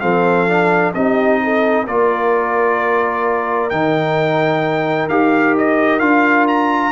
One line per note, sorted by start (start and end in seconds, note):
0.00 0.95 F3
0.00 0.48 C4
0.00 0.94 A4
0.00 0.92 F5
0.48 0.94 D4
0.94 1.87 C4
0.94 1.87 D#4
0.94 1.42 G4
0.94 1.87 D#5
1.44 1.85 A4
1.85 3.72 A#3
1.85 3.72 F4
1.85 6.92 A#4
1.85 3.70 D5
3.70 5.08 D#3
3.70 5.10 D#4
3.70 5.08 G5
5.08 6.00 D#4
5.08 6.00 G4
5.08 5.55 F5
5.58 5.99 D#5
5.99 6.92 D4
5.99 6.92 F4
5.99 6.46 F5
6.48 6.92 A#5